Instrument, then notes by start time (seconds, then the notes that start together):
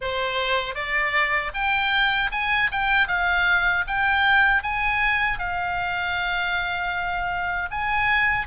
oboe
0.01 C5
0.74 D5
1.53 G5
2.31 G#5
2.71 G5
3.07 F5
3.87 G5
4.63 G#5
5.38 F5
7.70 G#5